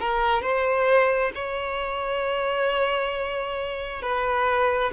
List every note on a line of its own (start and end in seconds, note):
0.00 0.42 A#4
0.42 1.32 C5
1.35 4.02 C#5
4.02 4.92 B4